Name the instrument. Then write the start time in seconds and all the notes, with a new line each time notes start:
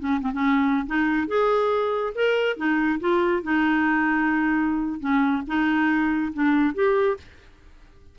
clarinet
0.00 C#4
0.22 C4
0.33 C#4
0.87 D#4
1.28 G#4
2.15 A#4
2.57 D#4
3.00 F4
3.43 D#4
5.00 C#4
5.48 D#4
6.34 D4
6.75 G4